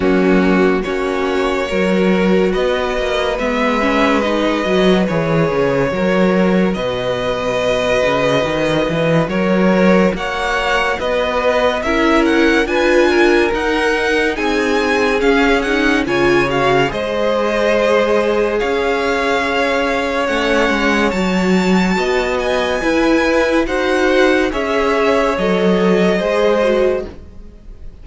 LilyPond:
<<
  \new Staff \with { instrumentName = "violin" } { \time 4/4 \tempo 4 = 71 fis'4 cis''2 dis''4 | e''4 dis''4 cis''2 | dis''2. cis''4 | fis''4 dis''4 e''8 fis''8 gis''4 |
fis''4 gis''4 f''8 fis''8 gis''8 f''8 | dis''2 f''2 | fis''4 a''4. gis''4. | fis''4 e''4 dis''2 | }
  \new Staff \with { instrumentName = "violin" } { \time 4/4 cis'4 fis'4 ais'4 b'4~ | b'2. ais'4 | b'2. ais'4 | cis''4 b'4 ais'4 b'8 ais'8~ |
ais'4 gis'2 cis''4 | c''2 cis''2~ | cis''2 dis''4 b'4 | c''4 cis''2 c''4 | }
  \new Staff \with { instrumentName = "viola" } { \time 4/4 ais4 cis'4 fis'2 | b8 cis'8 dis'8 fis'8 gis'4 fis'4~ | fis'1~ | fis'2 e'4 f'4 |
dis'2 cis'8 dis'8 f'8 fis'8 | gis'1 | cis'4 fis'2 e'4 | fis'4 gis'4 a'4 gis'8 fis'8 | }
  \new Staff \with { instrumentName = "cello" } { \time 4/4 fis4 ais4 fis4 b8 ais8 | gis4. fis8 e8 cis8 fis4 | b,4. cis8 dis8 e8 fis4 | ais4 b4 cis'4 d'4 |
dis'4 c'4 cis'4 cis4 | gis2 cis'2 | a8 gis8 fis4 b4 e'4 | dis'4 cis'4 fis4 gis4 | }
>>